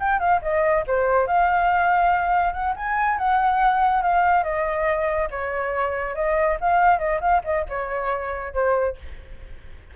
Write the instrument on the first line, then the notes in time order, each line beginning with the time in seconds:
flute
0.00 G5
0.20 F5
0.42 D#5
0.87 C5
1.27 F5
2.53 F#5
2.76 G#5
3.18 F#5
4.02 F5
4.44 D#5
5.31 C#5
6.15 D#5
6.61 F5
6.99 D#5
7.21 F5
7.44 D#5
7.69 C#5
8.54 C5